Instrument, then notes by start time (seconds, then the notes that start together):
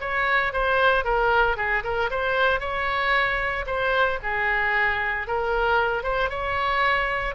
oboe
0.00 C#5
0.53 C5
1.04 A#4
1.56 G#4
1.83 A#4
2.10 C5
2.60 C#5
3.66 C5
4.22 G#4
5.27 A#4
6.03 C5
6.29 C#5